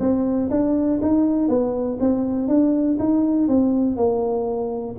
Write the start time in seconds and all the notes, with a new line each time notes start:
0.00 C4
0.50 D4
1.02 D#4
1.48 B3
2.00 C4
2.48 D4
2.99 D#4
3.48 C4
3.96 A#3